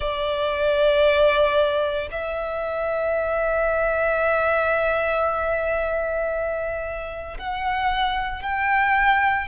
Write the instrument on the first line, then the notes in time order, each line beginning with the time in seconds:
violin
0.00 D5
2.11 E5
7.38 F#5
8.42 G5